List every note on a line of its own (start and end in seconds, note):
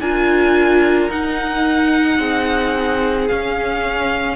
0.00 1.09 D4
0.00 1.10 F4
0.00 2.17 A#4
0.00 1.10 G#5
1.10 2.18 D#4
1.10 3.28 D#4
1.10 3.27 F#5
2.17 3.27 C4
2.17 4.35 G#4
3.27 4.35 C#4
3.27 4.35 F5